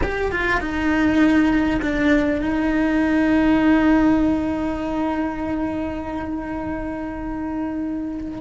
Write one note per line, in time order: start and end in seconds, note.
0.02 0.31 G4
0.31 0.60 F4
0.60 1.80 D#4
1.81 2.41 D4
2.41 8.41 D#4